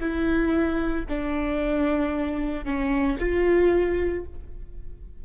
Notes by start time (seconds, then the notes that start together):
0.00 E4
1.08 D4
2.65 C#4
3.19 F4